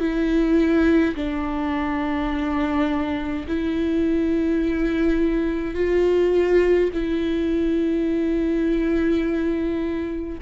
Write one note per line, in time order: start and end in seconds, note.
0.00 1.15 E4
1.15 3.46 D4
3.47 5.75 E4
5.75 6.90 F4
6.93 10.39 E4